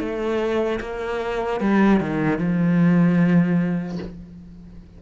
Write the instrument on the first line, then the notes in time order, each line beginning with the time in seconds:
cello
0.00 A3
0.81 A#3
1.61 G3
2.01 D#3
2.39 F3